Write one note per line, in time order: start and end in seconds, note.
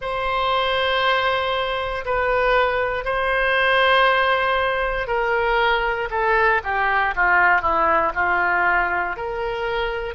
0.01 2.04 C5
2.05 3.04 B4
3.04 5.07 C5
5.07 6.08 A#4
6.10 6.61 A4
6.63 7.14 G4
7.15 7.61 F4
7.61 8.12 E4
8.14 9.16 F4
9.16 10.14 A#4